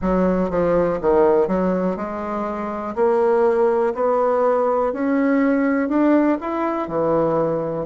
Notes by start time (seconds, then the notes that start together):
0.01 F#3
0.50 F3
1.01 D#3
1.48 F#3
1.96 G#3
2.95 A#3
3.94 B3
4.92 C#4
5.88 D4
6.41 E4
6.88 E3